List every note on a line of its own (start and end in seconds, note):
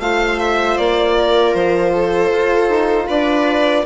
0.00 0.77 A3
0.00 3.86 F4
0.00 1.18 C5
0.00 0.39 F5
0.39 0.78 E5
0.78 1.54 A#3
0.78 1.54 D5
1.19 1.94 A#4
1.54 2.31 F3
1.54 3.08 C5
1.94 3.07 A4
2.32 2.69 F4
2.69 3.08 D#4
3.07 3.86 D4
3.07 3.84 B4
3.07 3.86 D5